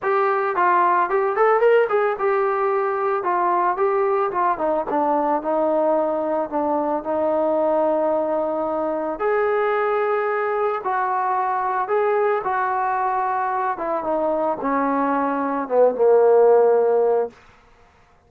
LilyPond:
\new Staff \with { instrumentName = "trombone" } { \time 4/4 \tempo 4 = 111 g'4 f'4 g'8 a'8 ais'8 gis'8 | g'2 f'4 g'4 | f'8 dis'8 d'4 dis'2 | d'4 dis'2.~ |
dis'4 gis'2. | fis'2 gis'4 fis'4~ | fis'4. e'8 dis'4 cis'4~ | cis'4 b8 ais2~ ais8 | }